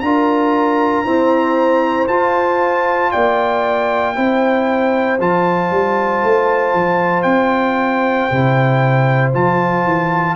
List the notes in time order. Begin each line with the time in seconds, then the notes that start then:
0.00 D4 F4 A#4 A#5
1.05 C4 E4 C5
2.08 F4 A5
3.11 A#3 D5 G5
4.15 C4 E4 C5
5.20 F3 F4 A5
5.71 G3
6.23 A3
6.73 F3
7.22 C4 G5
8.31 C3 E4
9.33 F3 F4 A5
9.85 E3